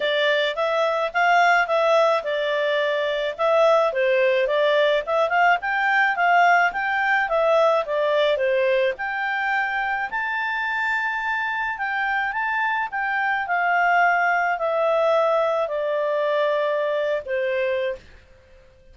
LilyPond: \new Staff \with { instrumentName = "clarinet" } { \time 4/4 \tempo 4 = 107 d''4 e''4 f''4 e''4 | d''2 e''4 c''4 | d''4 e''8 f''8 g''4 f''4 | g''4 e''4 d''4 c''4 |
g''2 a''2~ | a''4 g''4 a''4 g''4 | f''2 e''2 | d''2~ d''8. c''4~ c''16 | }